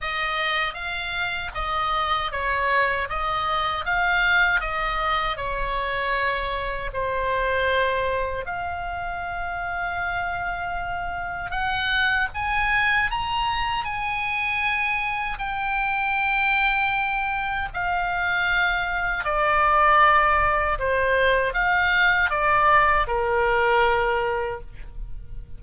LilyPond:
\new Staff \with { instrumentName = "oboe" } { \time 4/4 \tempo 4 = 78 dis''4 f''4 dis''4 cis''4 | dis''4 f''4 dis''4 cis''4~ | cis''4 c''2 f''4~ | f''2. fis''4 |
gis''4 ais''4 gis''2 | g''2. f''4~ | f''4 d''2 c''4 | f''4 d''4 ais'2 | }